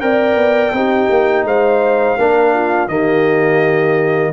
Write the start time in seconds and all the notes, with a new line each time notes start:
0.00 C4 A#4 D5 G5
0.35 B3
0.72 C4 D#4 G4
1.10 A#3
1.44 G#3 C5 F5
2.18 A#3 D4 A#4
2.54 F4
2.87 D#3 A#3 G4 D#5